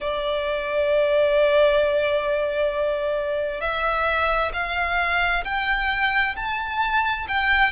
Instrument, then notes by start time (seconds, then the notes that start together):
violin
0.00 D5
3.60 E5
4.52 F5
5.44 G5
6.36 A5
7.27 G5